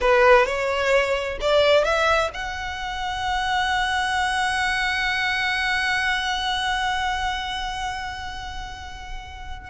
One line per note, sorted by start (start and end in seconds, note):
0.01 0.46 B4
0.46 1.38 C#5
1.40 1.84 D5
1.84 2.30 E5
2.33 9.69 F#5